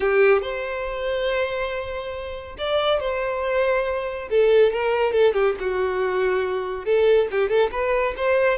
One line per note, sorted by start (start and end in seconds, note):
0.00 0.41 G4
0.41 2.56 C5
2.57 3.00 D5
3.00 4.28 C5
4.30 4.72 A4
4.72 5.12 A#4
5.12 5.33 A4
5.33 5.55 G4
5.59 6.85 F#4
6.85 7.28 A4
7.31 7.49 G4
7.49 7.70 A4
7.71 8.14 B4
8.16 8.58 C5